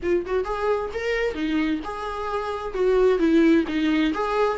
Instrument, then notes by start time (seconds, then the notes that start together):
viola
0.02 F4
0.26 F#4
0.44 G#4
0.93 A#4
1.34 D#4
1.84 G#4
2.74 F#4
3.18 E4
3.67 D#4
4.14 G#4